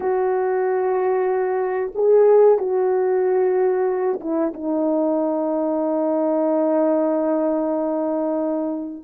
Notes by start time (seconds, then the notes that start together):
0.00 F#4
1.94 G#4
2.58 F#4
4.20 E4
4.53 D#4